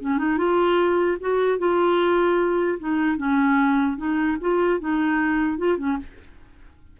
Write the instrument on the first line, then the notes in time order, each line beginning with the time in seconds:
clarinet
0.00 C#4
0.18 D#4
0.37 F4
1.20 F#4
1.58 F4
2.79 D#4
3.17 C#4
3.97 D#4
4.41 F4
4.80 D#4
5.58 F4
5.77 C#4